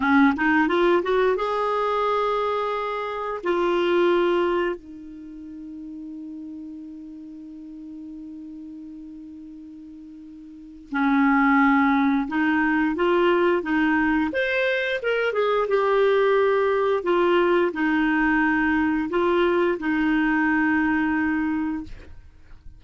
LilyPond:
\new Staff \with { instrumentName = "clarinet" } { \time 4/4 \tempo 4 = 88 cis'8 dis'8 f'8 fis'8 gis'2~ | gis'4 f'2 dis'4~ | dis'1~ | dis'1 |
cis'2 dis'4 f'4 | dis'4 c''4 ais'8 gis'8 g'4~ | g'4 f'4 dis'2 | f'4 dis'2. | }